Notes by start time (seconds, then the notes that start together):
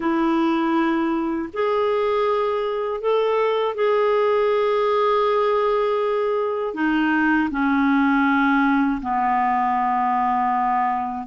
0.00 E4
1.53 G#4
3.00 A4
3.75 G#4
6.74 D#4
7.50 C#4
9.01 B3